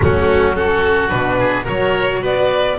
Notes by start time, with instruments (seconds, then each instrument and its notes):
0.00 double bass F#3, viola A3, oboe C#4, violin F#4
0.54 viola C#4, oboe F#4, violin A4
1.08 double bass B2, viola D4, violin B4
1.39 oboe G#4
1.63 double bass F#3, viola F#4, oboe A#4, violin C#5
2.22 double bass B3, oboe B4, violin D5